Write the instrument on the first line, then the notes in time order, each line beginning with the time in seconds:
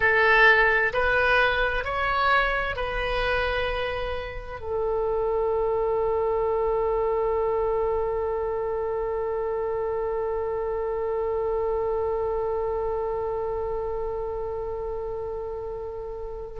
oboe
0.00 A4
0.93 B4
1.84 C#5
2.76 B4
4.60 A4